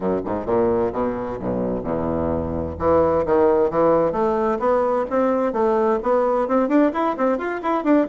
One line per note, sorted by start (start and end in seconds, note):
0.00 0.21 F#2
0.25 0.46 G#2
0.46 0.92 A#2
0.92 1.38 B2
1.39 1.83 B1
1.83 2.76 E2
2.79 3.25 E3
3.25 3.70 D#3
3.70 4.12 E3
4.12 4.58 A3
4.59 5.05 B3
5.09 5.53 C4
5.53 5.99 A3
6.02 6.47 B3
6.47 6.68 C4
6.68 6.91 D4
6.93 7.16 E4
7.17 7.37 C4
7.37 7.60 F4
7.62 7.83 E4
7.83 8.06 D4